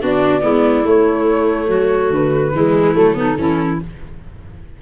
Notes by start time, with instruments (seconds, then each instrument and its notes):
0.00 tuba B3, viola D4, clarinet F#4, flute D5
0.41 tuba G#3, viola B3, clarinet E4
0.84 viola A3, tuba A3, flute C#5
1.67 tuba F#3, clarinet F#4
2.10 tuba D3, flute B4
2.52 tuba E3, viola G#3, clarinet E4
2.94 tuba F#3, viola A3, flute A4
3.14 viola B3, clarinet D#4
3.37 tuba E3, viola C#4, clarinet E4